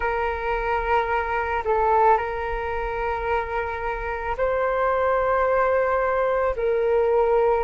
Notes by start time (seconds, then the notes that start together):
0.00 A#4
1.65 A4
2.17 A#4
4.37 C5
6.56 A#4